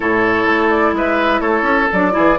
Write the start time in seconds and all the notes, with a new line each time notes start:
0.00 A2 E4 A4 C#5
0.45 A3
0.69 D5
0.92 G#3 B4 E5
1.40 A3 A4 C#5
1.62 C#4
1.92 F#3 D4 D5
2.11 E3 E4 G#4